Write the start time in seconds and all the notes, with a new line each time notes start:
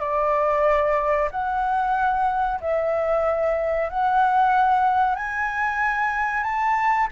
0.00 D5
1.31 F#5
2.60 E5
3.89 F#5
5.15 G#5
6.43 A5